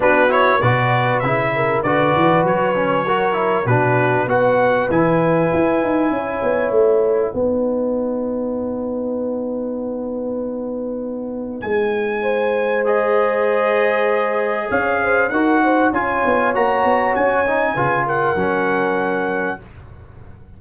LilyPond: <<
  \new Staff \with { instrumentName = "trumpet" } { \time 4/4 \tempo 4 = 98 b'8 cis''8 d''4 e''4 d''4 | cis''2 b'4 fis''4 | gis''2. fis''4~ | fis''1~ |
fis''2. gis''4~ | gis''4 dis''2. | f''4 fis''4 gis''4 ais''4 | gis''4. fis''2~ fis''8 | }
  \new Staff \with { instrumentName = "horn" } { \time 4/4 fis'4 b'4. ais'8 b'4~ | b'4 ais'4 fis'4 b'4~ | b'2 cis''2 | b'1~ |
b'1 | c''1 | cis''8 c''8 ais'8 c''8 cis''2~ | cis''4 b'8 ais'2~ ais'8 | }
  \new Staff \with { instrumentName = "trombone" } { \time 4/4 d'8 e'8 fis'4 e'4 fis'4~ | fis'8 cis'8 fis'8 e'8 d'4 fis'4 | e'1 | dis'1~ |
dis'1~ | dis'4 gis'2.~ | gis'4 fis'4 f'4 fis'4~ | fis'8 dis'8 f'4 cis'2 | }
  \new Staff \with { instrumentName = "tuba" } { \time 4/4 b4 b,4 cis4 d8 e8 | fis2 b,4 b4 | e4 e'8 dis'8 cis'8 b8 a4 | b1~ |
b2. gis4~ | gis1 | cis'4 dis'4 cis'8 b8 ais8 b8 | cis'4 cis4 fis2 | }
>>